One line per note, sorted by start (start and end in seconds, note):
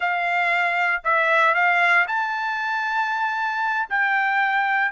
0.00 1.02 F5
1.03 1.54 E5
1.54 2.06 F5
2.07 3.88 A5
3.89 4.91 G5